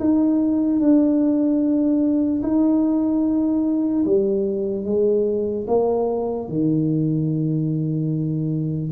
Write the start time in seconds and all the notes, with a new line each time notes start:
0.00 D#4
0.80 D4
2.43 D#4
4.06 G3
4.85 G#3
5.68 A#3
6.49 D#3